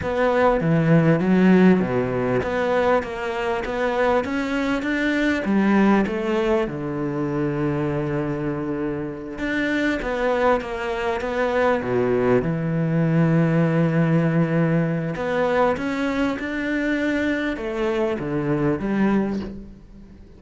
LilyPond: \new Staff \with { instrumentName = "cello" } { \time 4/4 \tempo 4 = 99 b4 e4 fis4 b,4 | b4 ais4 b4 cis'4 | d'4 g4 a4 d4~ | d2.~ d8 d'8~ |
d'8 b4 ais4 b4 b,8~ | b,8 e2.~ e8~ | e4 b4 cis'4 d'4~ | d'4 a4 d4 g4 | }